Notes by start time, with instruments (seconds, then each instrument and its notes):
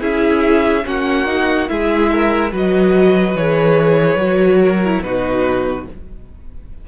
0.00 cello C#4, viola E4, violin G#4 E5
0.85 cello A#3, viola C#4, violin F#4 F#5
1.27 viola D#4
1.68 cello G#3, viola E4, violin G#4 E5
2.12 violin A#4
2.51 cello F#3, viola F#4, violin B4 D#5
3.35 cello E3, viola G#4, violin C#5
4.15 cello F#3, viola F#4
4.61 violin A#4
4.85 viola E4
5.02 cello B2, viola D#4, violin F#4 B4